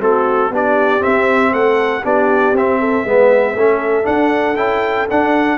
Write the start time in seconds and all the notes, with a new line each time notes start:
0.00 A3 C4 F#4 A4
0.50 B3 D4 G4 D5
1.00 C4 E5
1.53 A3 A4 F#5
2.04 B3 D4 G4 D5
2.52 C4 E5
2.80 A4
3.05 G#3 B3 B4
3.55 A3 C#4 A4
4.03 D4 F#5
4.56 C#4 E4 G5
5.10 D4 F#5